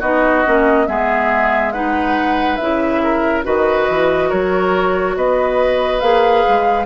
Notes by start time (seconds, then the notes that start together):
0.00 B3 D#4 F#4 D#5
0.46 A#3 C#4
0.87 G#3 B3 G#4 E5
1.72 D#4 B4 F#5
2.56 C#3 E4 E5
3.03 A#4
3.44 D#3 F#4 B4 D#5
3.89 E3
4.29 F#3 A#4 C#5
5.16 B3 B4 D#5
6.00 A#3 G#4 F5
6.48 G#3